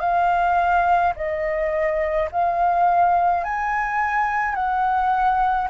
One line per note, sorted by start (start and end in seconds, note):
0.00 1.13 F5
1.16 2.30 D#5
2.32 3.44 F5
3.44 4.55 G#5
4.55 5.68 F#5